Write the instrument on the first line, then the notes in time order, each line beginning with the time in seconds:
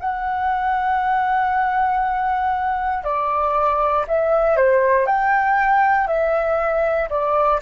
flute
0.00 F#5
3.04 D5
4.08 E5
4.57 C5
5.07 G5
6.07 E5
7.10 D5